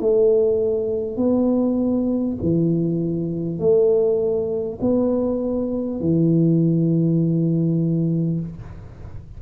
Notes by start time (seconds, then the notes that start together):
0.00 A3
1.17 B3
2.42 E3
3.59 A3
4.82 B3
6.01 E3